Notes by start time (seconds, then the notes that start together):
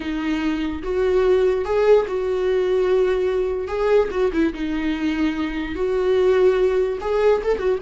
0.00 D#4
0.82 F#4
1.64 G#4
2.07 F#4
3.67 G#4
4.10 F#4
4.32 E4
4.53 D#4
5.75 F#4
7.00 G#4
7.43 A4
7.58 F#4